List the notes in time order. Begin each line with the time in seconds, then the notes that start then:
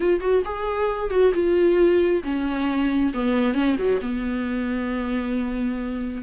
0.00 F4
0.20 F#4
0.44 G#4
1.10 F#4
1.34 F4
2.23 C#4
3.14 B3
3.54 C#4
3.78 F#3
4.01 B3